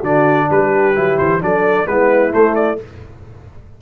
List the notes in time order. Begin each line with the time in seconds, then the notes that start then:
0.00 D3 D4 F#4 D5
0.49 G3 G4 B4
0.94 F#3 E4
1.18 E3 C5
1.40 F#3 D4 A4 D5
1.86 G#3 B3 E4 B4
2.31 A3 C5
2.55 D5